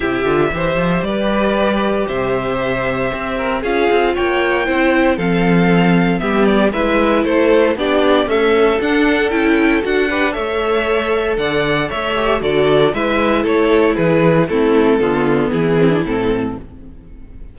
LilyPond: <<
  \new Staff \with { instrumentName = "violin" } { \time 4/4 \tempo 4 = 116 e''2 d''2 | e''2. f''4 | g''2 f''2 | e''8 d''8 e''4 c''4 d''4 |
e''4 fis''4 g''4 fis''4 | e''2 fis''4 e''4 | d''4 e''4 cis''4 b'4 | a'2 gis'4 a'4 | }
  \new Staff \with { instrumentName = "violin" } { \time 4/4 g'4 c''4 b'2 | c''2~ c''8 ais'8 gis'4 | cis''4 c''4 a'2 | g'4 b'4 a'4 g'4 |
a'2.~ a'8 b'8 | cis''2 d''4 cis''4 | a'4 b'4 a'4 gis'4 | e'4 f'4 e'2 | }
  \new Staff \with { instrumentName = "viola" } { \time 4/4 e'8 f'8 g'2.~ | g'2. f'4~ | f'4 e'4 c'2 | b4 e'2 d'4 |
a4 d'4 e'4 fis'8 g'8 | a'2.~ a'8 g'8 | fis'4 e'2. | c'4 b4. c'16 d'16 c'4 | }
  \new Staff \with { instrumentName = "cello" } { \time 4/4 c8 d8 e8 f8 g2 | c2 c'4 cis'8 c'8 | ais4 c'4 f2 | g4 gis4 a4 b4 |
cis'4 d'4 cis'4 d'4 | a2 d4 a4 | d4 gis4 a4 e4 | a4 d4 e4 a,4 | }
>>